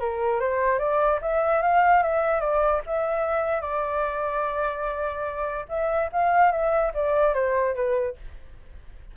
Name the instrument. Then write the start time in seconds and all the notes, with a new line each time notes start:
flute
0.00 A#4
0.40 C5
0.79 D5
1.21 E5
1.62 F5
2.03 E5
2.40 D5
2.86 E5
3.61 D5
5.69 E5
6.12 F5
6.51 E5
6.94 D5
7.34 C5
7.75 B4